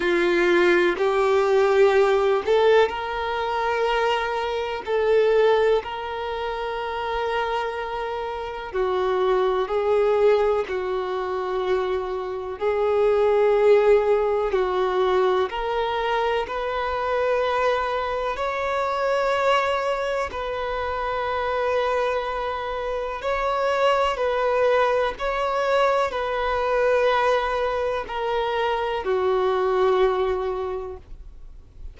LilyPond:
\new Staff \with { instrumentName = "violin" } { \time 4/4 \tempo 4 = 62 f'4 g'4. a'8 ais'4~ | ais'4 a'4 ais'2~ | ais'4 fis'4 gis'4 fis'4~ | fis'4 gis'2 fis'4 |
ais'4 b'2 cis''4~ | cis''4 b'2. | cis''4 b'4 cis''4 b'4~ | b'4 ais'4 fis'2 | }